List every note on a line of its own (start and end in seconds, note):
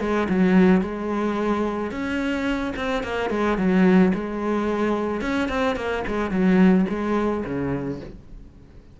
0.00 0.28 G#3
0.29 0.81 F#3
0.81 1.91 G#3
1.91 2.74 C#4
2.76 3.04 C4
3.04 3.30 A#3
3.30 3.58 G#3
3.58 4.13 F#3
4.14 5.21 G#3
5.21 5.49 C#4
5.49 5.76 C4
5.76 6.04 A#3
6.07 6.31 G#3
6.31 6.86 F#3
6.89 7.44 G#3
7.45 8.00 C#3